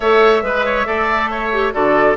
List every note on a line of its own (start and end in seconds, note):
0.00 0.42 A3
0.00 0.43 A4
0.00 0.42 C#5
0.00 1.71 E5
0.42 0.85 G#3
0.42 0.85 B4
0.42 0.65 B4
0.65 0.87 C#5
0.85 1.73 A3
0.85 1.50 A4
0.85 1.30 D5
1.30 1.73 C#5
1.52 1.72 G4
1.72 2.16 D3
1.72 2.16 F#4
1.72 2.16 A4
1.72 2.16 D5